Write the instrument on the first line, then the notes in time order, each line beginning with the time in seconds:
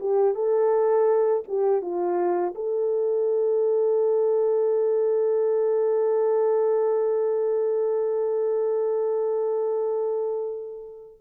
horn
0.00 G4
0.35 A4
1.48 G4
1.82 F4
2.55 A4